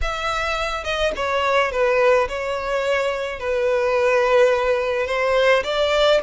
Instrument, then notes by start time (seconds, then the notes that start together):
violin
0.01 E5
0.83 D#5
1.16 C#5
1.71 B4
2.28 C#5
3.39 B4
5.06 C5
5.63 D5